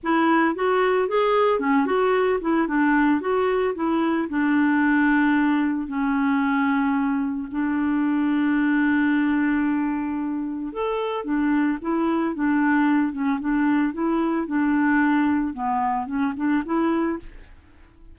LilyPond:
\new Staff \with { instrumentName = "clarinet" } { \time 4/4 \tempo 4 = 112 e'4 fis'4 gis'4 cis'8 fis'8~ | fis'8 e'8 d'4 fis'4 e'4 | d'2. cis'4~ | cis'2 d'2~ |
d'1 | a'4 d'4 e'4 d'4~ | d'8 cis'8 d'4 e'4 d'4~ | d'4 b4 cis'8 d'8 e'4 | }